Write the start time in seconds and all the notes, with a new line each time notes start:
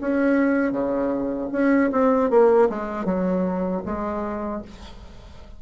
0.00 C#4
0.71 C#3
1.52 C#4
1.91 C4
2.30 A#3
2.69 G#3
3.05 F#3
3.85 G#3